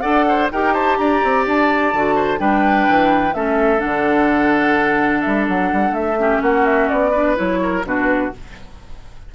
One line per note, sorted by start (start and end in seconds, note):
0.00 0.51 D4
0.00 0.49 A4
0.00 0.25 D5
0.00 0.47 F#5
0.28 0.52 C5
0.51 0.99 D#4
0.51 1.95 G4
0.51 0.73 A#4
0.51 0.74 G5
0.73 0.97 C5
0.73 0.97 A5
0.97 1.22 D4
0.97 2.15 D5
0.97 1.44 A#5
1.23 1.46 C4
1.46 1.93 D4
1.46 2.39 A5
1.93 2.39 D3
1.93 2.37 F#4
2.15 2.39 C5
2.37 2.87 G3
2.37 3.32 D4
2.37 3.34 B4
2.37 3.34 G5
2.89 3.34 E3
3.34 3.81 A3
3.34 3.78 C#4
3.34 6.19 A4
3.34 3.80 E5
3.78 6.14 D4
3.78 5.21 F#5
3.85 5.26 D3
5.21 5.48 G3
5.21 5.45 E5
5.48 5.72 F#3
5.48 5.94 F#5
5.73 5.90 G3
5.90 6.38 A3
5.90 6.41 E5
6.18 7.13 C#4
6.18 6.42 G4
6.42 6.89 A#3
6.42 7.11 F#4
6.42 6.65 F#5
6.65 6.89 E5
6.89 7.38 B3
6.89 7.36 D5
7.11 7.36 D4
7.11 7.58 B4
7.36 7.84 F#3
7.36 7.83 E4
7.36 7.84 C#5
7.62 7.86 A#4
7.84 8.31 B2
7.84 8.32 D4
7.84 8.34 F#4
7.84 8.34 B4